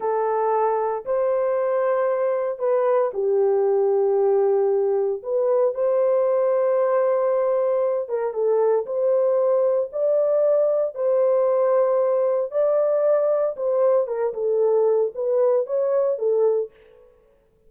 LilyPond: \new Staff \with { instrumentName = "horn" } { \time 4/4 \tempo 4 = 115 a'2 c''2~ | c''4 b'4 g'2~ | g'2 b'4 c''4~ | c''2.~ c''8 ais'8 |
a'4 c''2 d''4~ | d''4 c''2. | d''2 c''4 ais'8 a'8~ | a'4 b'4 cis''4 a'4 | }